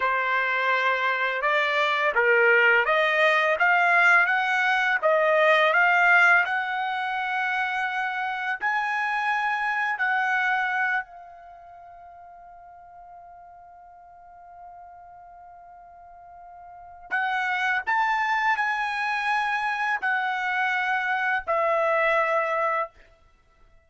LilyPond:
\new Staff \with { instrumentName = "trumpet" } { \time 4/4 \tempo 4 = 84 c''2 d''4 ais'4 | dis''4 f''4 fis''4 dis''4 | f''4 fis''2. | gis''2 fis''4. f''8~ |
f''1~ | f''1 | fis''4 a''4 gis''2 | fis''2 e''2 | }